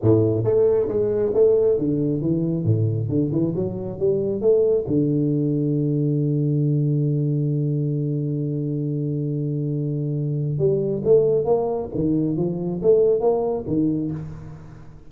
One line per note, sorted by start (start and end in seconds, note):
0.02 0.44 A2
0.44 0.88 A3
0.88 1.32 G#3
1.34 1.78 A3
1.78 2.21 D3
2.21 2.64 E3
2.64 3.08 A2
3.09 3.31 D3
3.31 3.54 E3
3.55 3.99 F#3
3.99 4.41 G3
4.41 4.85 A3
4.87 10.58 D3
10.58 11.02 G3
11.04 11.45 A3
11.45 11.89 A#3
11.94 12.36 D#3
12.36 12.81 F3
12.82 13.20 A3
13.20 13.64 A#3
13.67 14.11 D#3